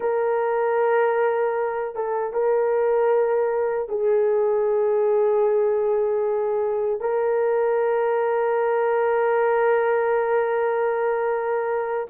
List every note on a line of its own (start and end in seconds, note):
0.00 1.95 A#4
1.95 2.33 A4
2.33 3.89 A#4
3.89 7.00 G#4
7.00 12.06 A#4